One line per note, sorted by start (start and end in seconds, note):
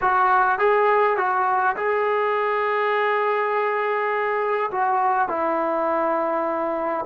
0.01 0.59 F#4
0.59 1.17 G#4
1.17 1.75 F#4
1.76 4.70 G#4
4.71 5.28 F#4
5.28 7.05 E4